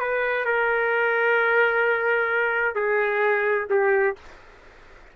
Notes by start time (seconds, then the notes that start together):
0.00 B4
0.45 A#4
2.75 G#4
3.70 G4